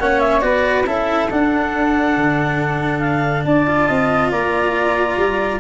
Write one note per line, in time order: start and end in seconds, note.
0.00 0.43 A#3
0.00 0.42 C#4
0.00 0.45 C#5
0.00 0.20 F#5
0.20 0.41 E5
0.41 0.86 B3
0.41 0.85 F#4
0.41 0.87 B4
0.41 0.84 D5
0.86 1.29 C#4
0.86 1.30 E4
0.86 3.46 A4
0.86 1.31 E5
1.31 3.67 D4
1.31 2.17 D4
1.31 3.00 F#5
2.17 3.45 D3
3.00 3.43 F5
3.45 3.88 D4
3.45 3.88 D5
3.45 4.31 A5
3.67 5.61 F4
3.88 4.32 C4
3.88 4.31 D#5
4.31 5.17 A#3
4.31 5.61 D5
4.31 5.61 A#5
5.17 5.61 G3